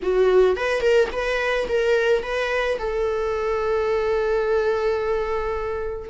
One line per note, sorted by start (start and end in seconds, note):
0.02 0.56 F#4
0.56 0.81 B4
0.81 1.08 A#4
1.12 1.67 B4
1.68 2.22 A#4
2.22 2.78 B4
2.78 6.10 A4